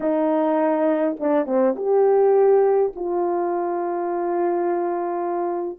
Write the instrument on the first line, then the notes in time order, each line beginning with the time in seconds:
horn
0.00 D#4
1.19 D4
1.46 C4
1.76 G4
2.95 F4